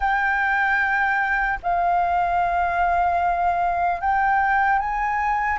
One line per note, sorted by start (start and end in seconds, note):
0.00 1.59 G5
1.62 4.00 F5
4.00 4.78 G5
4.78 5.58 G#5